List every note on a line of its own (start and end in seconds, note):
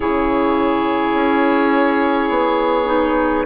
0.00 1.14 C#3
0.00 2.85 E4
0.00 3.46 G#4
0.00 3.46 C#5
1.14 2.29 C#4
2.29 3.45 B3
2.85 3.43 D#4